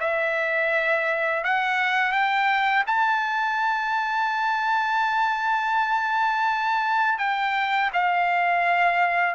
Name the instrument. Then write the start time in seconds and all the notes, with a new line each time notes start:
trumpet
0.00 E5
1.44 F#5
2.12 G5
2.87 A5
7.19 G5
7.93 F5